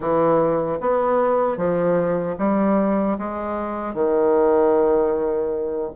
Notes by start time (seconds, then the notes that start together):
0.00 E3
0.80 B3
1.57 F3
2.38 G3
3.18 G#3
3.94 D#3